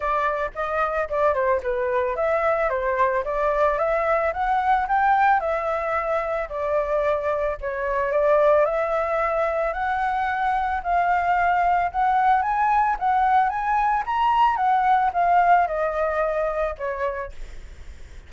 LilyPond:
\new Staff \with { instrumentName = "flute" } { \time 4/4 \tempo 4 = 111 d''4 dis''4 d''8 c''8 b'4 | e''4 c''4 d''4 e''4 | fis''4 g''4 e''2 | d''2 cis''4 d''4 |
e''2 fis''2 | f''2 fis''4 gis''4 | fis''4 gis''4 ais''4 fis''4 | f''4 dis''2 cis''4 | }